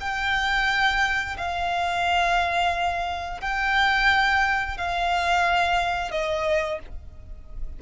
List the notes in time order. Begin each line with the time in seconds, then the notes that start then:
0.00 G5
1.37 F5
3.41 G5
4.77 F5
6.11 D#5